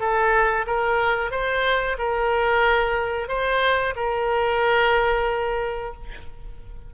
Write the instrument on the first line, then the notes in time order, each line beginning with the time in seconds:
oboe
0.00 A4
0.67 A#4
1.31 C5
1.98 A#4
3.28 C5
3.96 A#4